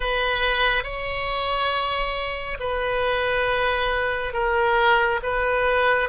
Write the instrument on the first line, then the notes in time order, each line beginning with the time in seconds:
oboe
0.00 B4
0.83 C#5
2.59 B4
4.33 A#4
5.23 B4